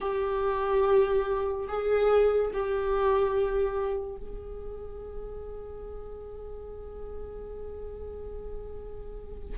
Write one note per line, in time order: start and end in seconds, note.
0.00 1.67 G4
1.67 2.51 G#4
2.53 4.17 G4
4.17 9.58 G#4